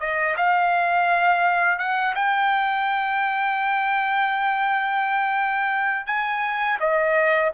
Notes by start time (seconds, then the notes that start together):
0.00 D#5
0.37 F5
1.79 F#5
2.15 G5
6.06 G#5
6.80 D#5